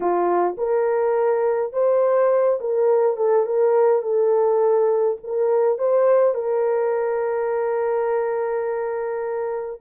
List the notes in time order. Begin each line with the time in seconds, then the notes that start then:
0.00 F4
0.57 A#4
1.73 C5
2.60 A#4
3.17 A4
3.46 A#4
4.02 A4
5.23 A#4
5.78 C5
6.34 A#4